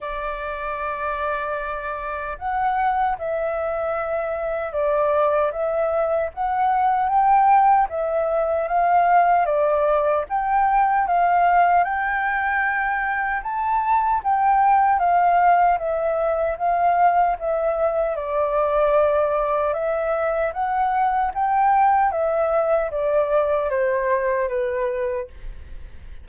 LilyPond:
\new Staff \with { instrumentName = "flute" } { \time 4/4 \tempo 4 = 76 d''2. fis''4 | e''2 d''4 e''4 | fis''4 g''4 e''4 f''4 | d''4 g''4 f''4 g''4~ |
g''4 a''4 g''4 f''4 | e''4 f''4 e''4 d''4~ | d''4 e''4 fis''4 g''4 | e''4 d''4 c''4 b'4 | }